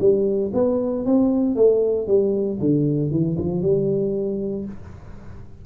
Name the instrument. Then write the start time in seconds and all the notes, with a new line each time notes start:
tuba
0.00 G3
0.54 B3
1.06 C4
1.55 A3
2.07 G3
2.60 D3
3.11 E3
3.38 F3
3.62 G3